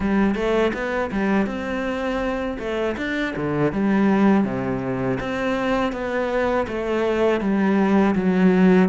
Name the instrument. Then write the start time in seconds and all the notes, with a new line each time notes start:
cello
0.00 G3
0.35 A3
0.73 B3
1.11 G3
1.46 C4
2.59 A3
2.97 D4
3.36 D3
3.72 G3
4.44 C3
5.20 C4
5.92 B3
6.67 A3
7.40 G3
8.15 F#3